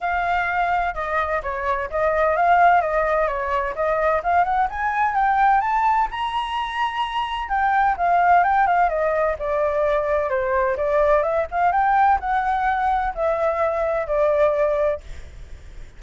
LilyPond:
\new Staff \with { instrumentName = "flute" } { \time 4/4 \tempo 4 = 128 f''2 dis''4 cis''4 | dis''4 f''4 dis''4 cis''4 | dis''4 f''8 fis''8 gis''4 g''4 | a''4 ais''2. |
g''4 f''4 g''8 f''8 dis''4 | d''2 c''4 d''4 | e''8 f''8 g''4 fis''2 | e''2 d''2 | }